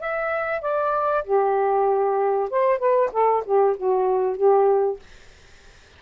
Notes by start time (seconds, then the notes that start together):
0.00 E5
0.61 D5
1.24 G4
2.50 C5
2.78 B4
3.12 A4
3.45 G4
3.77 F#4
4.37 G4